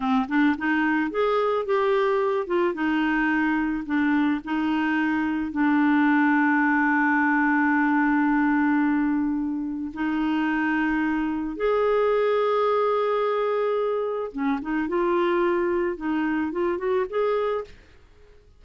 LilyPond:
\new Staff \with { instrumentName = "clarinet" } { \time 4/4 \tempo 4 = 109 c'8 d'8 dis'4 gis'4 g'4~ | g'8 f'8 dis'2 d'4 | dis'2 d'2~ | d'1~ |
d'2 dis'2~ | dis'4 gis'2.~ | gis'2 cis'8 dis'8 f'4~ | f'4 dis'4 f'8 fis'8 gis'4 | }